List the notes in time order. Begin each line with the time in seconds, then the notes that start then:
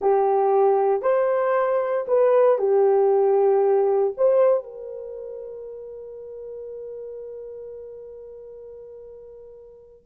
0.01 G4
1.02 C5
2.07 B4
2.58 G4
4.17 C5
4.63 A#4